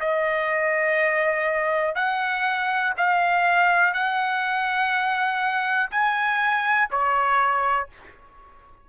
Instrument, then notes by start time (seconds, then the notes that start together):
trumpet
0.00 D#5
1.95 F#5
2.97 F5
3.93 F#5
5.91 G#5
6.90 C#5